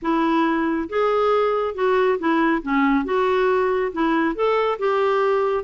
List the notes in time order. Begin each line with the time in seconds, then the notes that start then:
0.01 E4
0.89 G#4
1.75 F#4
2.18 E4
2.62 C#4
3.05 F#4
3.92 E4
4.35 A4
4.78 G4